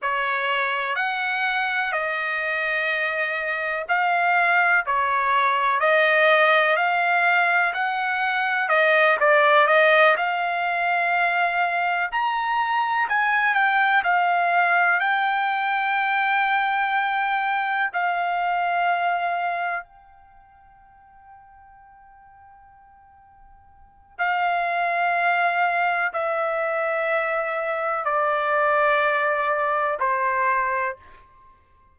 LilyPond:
\new Staff \with { instrumentName = "trumpet" } { \time 4/4 \tempo 4 = 62 cis''4 fis''4 dis''2 | f''4 cis''4 dis''4 f''4 | fis''4 dis''8 d''8 dis''8 f''4.~ | f''8 ais''4 gis''8 g''8 f''4 g''8~ |
g''2~ g''8 f''4.~ | f''8 g''2.~ g''8~ | g''4 f''2 e''4~ | e''4 d''2 c''4 | }